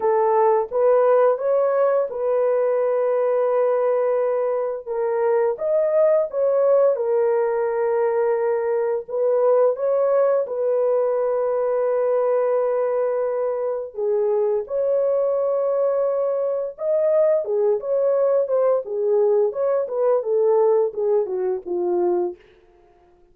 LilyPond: \new Staff \with { instrumentName = "horn" } { \time 4/4 \tempo 4 = 86 a'4 b'4 cis''4 b'4~ | b'2. ais'4 | dis''4 cis''4 ais'2~ | ais'4 b'4 cis''4 b'4~ |
b'1 | gis'4 cis''2. | dis''4 gis'8 cis''4 c''8 gis'4 | cis''8 b'8 a'4 gis'8 fis'8 f'4 | }